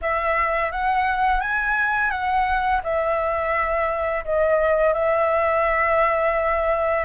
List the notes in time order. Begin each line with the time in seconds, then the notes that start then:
0.01 E5
0.71 F#5
1.40 G#5
2.10 F#5
2.83 E5
4.24 D#5
4.93 E5